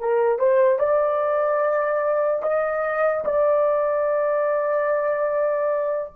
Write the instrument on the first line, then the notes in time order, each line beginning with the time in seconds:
horn
0.00 A#4
0.39 C5
0.79 D5
2.42 D#5
3.25 D5